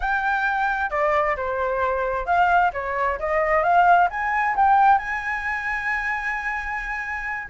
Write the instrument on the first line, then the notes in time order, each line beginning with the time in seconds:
flute
0.00 G5
0.90 D5
1.36 C5
2.25 F5
2.73 C#5
3.19 D#5
3.63 F5
4.10 G#5
4.56 G5
4.98 G#5